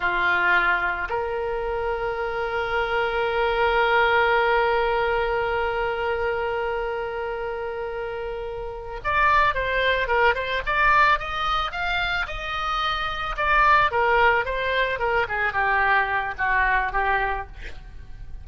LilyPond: \new Staff \with { instrumentName = "oboe" } { \time 4/4 \tempo 4 = 110 f'2 ais'2~ | ais'1~ | ais'1~ | ais'1~ |
ais'8 d''4 c''4 ais'8 c''8 d''8~ | d''8 dis''4 f''4 dis''4.~ | dis''8 d''4 ais'4 c''4 ais'8 | gis'8 g'4. fis'4 g'4 | }